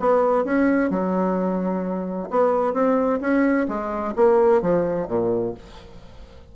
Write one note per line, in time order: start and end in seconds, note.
0.00 0.45 B3
0.45 0.91 C#4
0.91 2.29 F#3
2.31 2.74 B3
2.74 3.20 C4
3.21 3.67 C#4
3.69 4.15 G#3
4.16 4.62 A#3
4.62 5.08 F3
5.08 5.54 A#2